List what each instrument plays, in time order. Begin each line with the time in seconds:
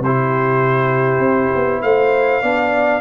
0.00 tuba C3, horn G4, trumpet C5
0.06 trombone E4
1.20 tuba C4
1.56 tuba B3
1.82 tuba A3, horn C5, trumpet F5
2.42 tuba B3, trombone D4, horn D5